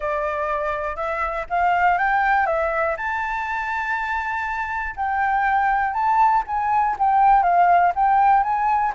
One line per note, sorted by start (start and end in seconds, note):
0.00 0.96 D5
0.96 1.45 E5
1.49 1.97 F5
1.97 2.46 G5
2.46 2.95 E5
2.96 4.95 A5
4.96 5.93 G5
5.93 6.43 A5
6.46 6.96 G#5
6.98 7.42 G5
7.42 7.92 F5
7.95 8.43 G5
8.43 8.92 G#5